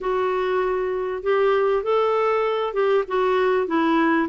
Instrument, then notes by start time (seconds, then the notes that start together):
clarinet
0.00 F#4
1.22 G4
1.83 A4
2.73 G4
3.07 F#4
3.67 E4